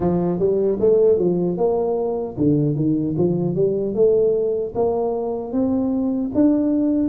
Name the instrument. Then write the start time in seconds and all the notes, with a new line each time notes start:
tuba
0.00 F3
0.39 G3
0.80 A3
1.18 F3
1.57 A#3
2.37 D3
2.75 D#3
3.17 F3
3.55 G3
3.94 A3
4.74 A#3
5.52 C4
6.34 D4